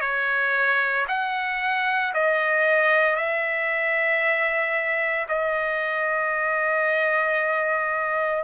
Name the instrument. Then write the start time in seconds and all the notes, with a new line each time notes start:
trumpet
0.00 C#5
1.08 F#5
2.14 D#5
3.16 E5
5.28 D#5